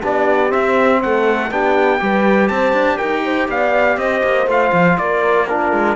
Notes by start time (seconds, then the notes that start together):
0.00 B3 D4 G4 D5
0.49 C4 E5
1.02 A3 A4 F#5
1.51 B3 D4 G4 G5
1.99 G3 G4 B4
2.48 C4 C5 A5
2.73 D4
2.97 D#4 A#4 G5
3.24 C5
3.48 B3 D5 F5
3.97 C4 C5 D#5
4.23 A#3
4.46 A3 F4 F5
4.72 F3
4.98 A#3 A#4 D5
5.48 D4 F4 A#4
5.72 G#3